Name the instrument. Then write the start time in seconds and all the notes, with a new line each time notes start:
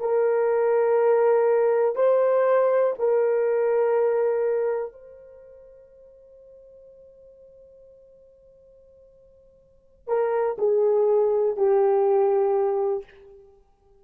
horn
0.00 A#4
1.96 C5
2.99 A#4
4.92 C5
10.08 A#4
10.58 G#4
11.57 G4